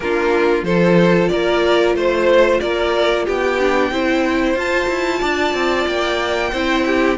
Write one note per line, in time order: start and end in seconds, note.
0.00 0.63 A#3
0.00 0.67 D4
0.00 0.65 F4
0.00 0.63 A#4
0.63 1.28 F3
0.63 3.59 F4
0.63 1.30 A4
0.63 1.28 C5
1.28 1.94 A#3
1.28 1.95 A#4
1.28 1.93 D5
1.94 2.60 A3
1.94 2.60 C5
2.60 3.27 A#3
2.60 3.25 A#4
2.60 3.25 D5
3.25 3.91 B3
3.25 3.90 G4
3.25 4.58 G5
3.59 3.91 D4
3.91 4.54 C4
3.91 4.57 E4
3.91 5.20 C5
4.54 4.87 F4
4.54 6.52 F4
4.54 5.87 A5
4.88 5.21 E4
5.20 5.53 D4
5.20 6.51 D5
5.53 5.86 C4
5.86 6.51 A#3
5.86 7.17 G5
6.51 7.17 C4
6.51 7.18 E4
6.51 6.84 C5
6.86 7.18 G4